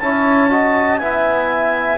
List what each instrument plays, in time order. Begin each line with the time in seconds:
0.00 double bass C#4, trombone E4, saxophone C#5, clarinet A5
0.50 trombone F#4, saxophone D#5
0.98 double bass B3, trombone E4, saxophone E5, clarinet G#5